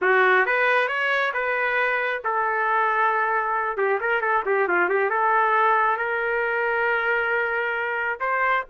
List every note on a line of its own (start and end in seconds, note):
0.01 0.45 F#4
0.45 0.88 B4
0.88 1.32 C#5
1.33 2.22 B4
2.24 3.77 A4
3.77 3.99 G4
4.00 4.21 A#4
4.21 4.43 A4
4.45 4.67 G4
4.67 4.89 F4
4.89 5.10 G4
5.10 5.97 A4
5.97 8.19 A#4
8.20 8.64 C5